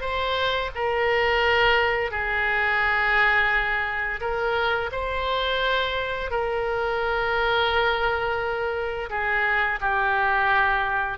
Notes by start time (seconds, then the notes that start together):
0.00 C5
0.75 A#4
2.11 G#4
4.20 A#4
4.91 C5
6.30 A#4
9.09 G#4
9.80 G4